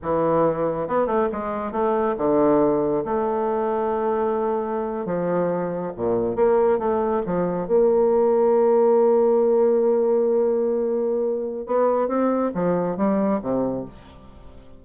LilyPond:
\new Staff \with { instrumentName = "bassoon" } { \time 4/4 \tempo 4 = 139 e2 b8 a8 gis4 | a4 d2 a4~ | a2.~ a8. f16~ | f4.~ f16 ais,4 ais4 a16~ |
a8. f4 ais2~ ais16~ | ais1~ | ais2. b4 | c'4 f4 g4 c4 | }